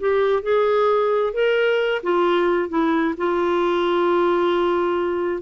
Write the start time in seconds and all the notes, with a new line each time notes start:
0.00 G4
0.43 G#4
1.34 A#4
2.03 F4
2.69 E4
3.18 F4